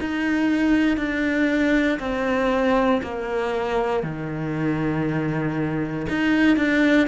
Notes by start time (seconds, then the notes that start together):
0.00 D#4
0.97 D4
1.99 C4
3.02 A#3
4.03 D#3
6.09 D#4
6.56 D4